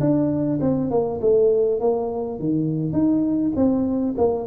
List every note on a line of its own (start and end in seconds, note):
0.00 0.59 D4
0.61 0.91 C4
0.91 1.20 A#3
1.21 1.80 A3
1.80 2.40 A#3
2.40 2.92 D#3
2.92 3.52 D#4
3.56 4.15 C4
4.17 4.46 A#3